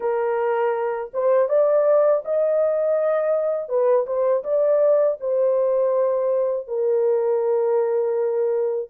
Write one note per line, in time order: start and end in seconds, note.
0.00 1.11 A#4
1.13 1.48 C5
1.48 2.23 D5
2.24 3.68 D#5
3.68 4.05 B4
4.06 4.43 C5
4.43 5.17 D5
5.20 6.67 C5
6.67 8.89 A#4